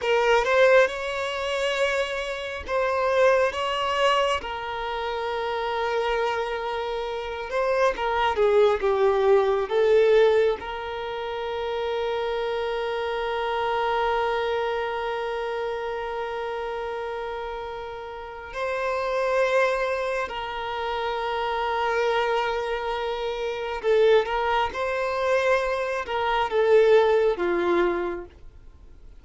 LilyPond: \new Staff \with { instrumentName = "violin" } { \time 4/4 \tempo 4 = 68 ais'8 c''8 cis''2 c''4 | cis''4 ais'2.~ | ais'8 c''8 ais'8 gis'8 g'4 a'4 | ais'1~ |
ais'1~ | ais'4 c''2 ais'4~ | ais'2. a'8 ais'8 | c''4. ais'8 a'4 f'4 | }